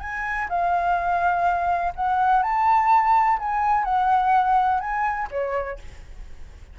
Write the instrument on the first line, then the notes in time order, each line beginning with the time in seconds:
flute
0.00 G#5
0.50 F5
1.96 F#5
2.43 A5
3.39 G#5
3.84 F#5
4.80 G#5
5.31 C#5